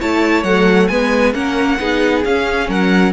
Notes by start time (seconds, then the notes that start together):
0.00 A3 E4 C#5 A5
0.43 F#3 A3 F#5
0.87 G#3 B3 B4 G#5
1.33 A#3 C#4 A#4 F#5
1.79 B3 D#4 G#4
2.24 C#4 F5
2.69 F#3 A#4 F#5